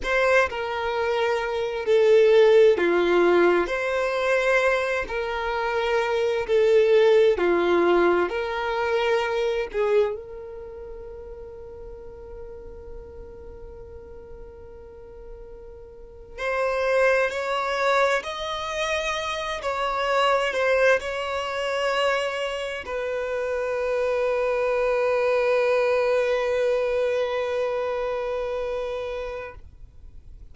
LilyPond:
\new Staff \with { instrumentName = "violin" } { \time 4/4 \tempo 4 = 65 c''8 ais'4. a'4 f'4 | c''4. ais'4. a'4 | f'4 ais'4. gis'8 ais'4~ | ais'1~ |
ais'4.~ ais'16 c''4 cis''4 dis''16~ | dis''4~ dis''16 cis''4 c''8 cis''4~ cis''16~ | cis''8. b'2.~ b'16~ | b'1 | }